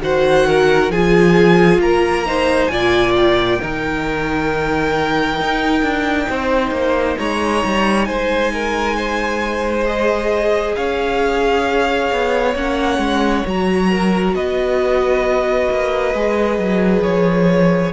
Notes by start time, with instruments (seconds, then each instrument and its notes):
0.00 cello D#3, viola F#4, violin C5 F#5
0.47 violin A#4
0.89 cello F3, viola F4, violin G#4 G#5
1.79 cello A#3, violin A#4 A#5
2.25 viola D#4, violin C5
2.67 cello A#2, viola F4, violin D5 G#5
3.16 violin G5
3.60 cello D#3, viola D#4, violin A#4
5.40 cello D#4
5.82 cello D4
6.29 cello C4, violin C5
6.71 cello A#3
7.18 cello G#3, violin C#5 A#5
7.64 cello G3
8.04 cello G#3, violin C5 G#5
8.53 violin A#4
8.96 violin C5
9.85 viola G#4, violin D#5
10.75 cello C#4, violin C#5 F5
12.11 cello B3
12.55 cello A#3, viola C#4, violin F#5
12.98 cello G#3
13.45 cello F#3, viola F#4, violin A#5
13.90 violin A#4
14.34 cello B3, violin B4 D#5
15.70 cello A#3
16.14 cello G#3, viola G#4
16.58 cello F#3
17.02 cello F3, violin C#5